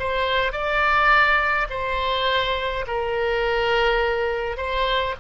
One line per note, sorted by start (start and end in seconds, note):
0.00 0.52 C5
0.52 1.68 D5
1.70 2.86 C5
2.87 4.57 A#4
4.57 5.15 C5